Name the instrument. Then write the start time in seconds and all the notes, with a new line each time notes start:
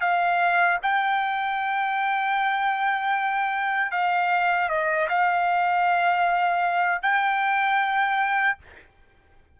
trumpet
0.00 F5
0.82 G5
3.91 F5
4.69 D#5
5.09 F5
7.02 G5